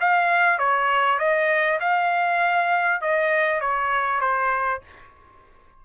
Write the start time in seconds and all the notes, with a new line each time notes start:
0.00 F5
0.58 C#5
1.19 D#5
1.80 F5
3.01 D#5
3.61 C#5
4.20 C5